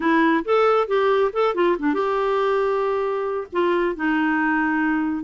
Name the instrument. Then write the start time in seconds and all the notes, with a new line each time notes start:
clarinet
0.00 E4
0.44 A4
0.87 G4
1.33 A4
1.54 F4
1.78 D4
1.93 G4
3.52 F4
3.95 D#4